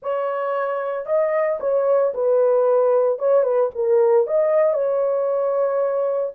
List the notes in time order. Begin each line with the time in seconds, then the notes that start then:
0.02 C#5
1.06 D#5
1.60 C#5
2.14 B4
3.19 C#5
3.43 B4
3.74 A#4
4.26 D#5
4.73 C#5